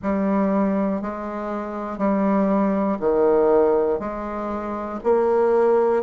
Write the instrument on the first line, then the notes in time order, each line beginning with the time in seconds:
bassoon
0.02 G3
1.01 G#3
1.97 G3
3.00 D#3
3.99 G#3
5.03 A#3